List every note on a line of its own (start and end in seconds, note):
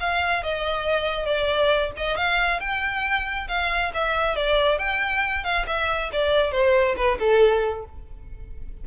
0.00 0.43 F5
0.43 1.26 D#5
1.26 1.91 D5
1.97 2.17 D#5
2.17 2.60 F5
2.60 3.48 G5
3.48 3.92 F5
3.94 4.36 E5
4.36 4.78 D5
4.78 5.44 G5
5.44 5.66 F5
5.67 6.11 E5
6.12 6.52 D5
6.52 6.96 C5
6.97 7.18 B4
7.19 7.85 A4